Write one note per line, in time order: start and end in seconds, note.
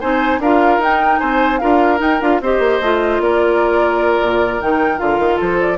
0.00 0.39 C4
0.00 0.41 D#4
0.00 0.40 C5
0.00 0.40 G#5
0.39 0.78 D4
0.39 0.82 F4
0.39 1.19 A#4
0.39 0.82 F5
0.78 1.18 D#4
0.78 1.61 D#4
0.78 1.19 G5
1.19 1.62 C4
1.19 1.59 C5
1.19 1.59 G#5
1.59 2.00 D4
1.59 1.98 F4
1.59 2.41 A#4
1.59 1.99 F5
1.98 2.18 D#4
1.98 2.20 D#4
1.98 2.21 G5
2.21 2.41 D4
2.21 2.41 F4
2.21 2.41 F5
2.41 2.59 C4
2.41 2.83 G4
2.41 3.22 C5
2.41 3.22 D#5
2.59 2.79 A#3
2.81 3.19 A3
2.81 4.60 F4
3.19 4.19 A#3
3.19 5.36 A#4
3.19 4.61 D5
4.22 4.61 A#2
4.60 5.00 D#3
4.60 4.98 D#4
4.60 4.99 G5
4.98 5.19 D3
4.98 5.78 F4
4.98 5.39 F5
5.19 5.39 D#3
5.36 5.78 F3
5.36 5.76 A4
5.36 5.61 C5
5.61 5.78 D5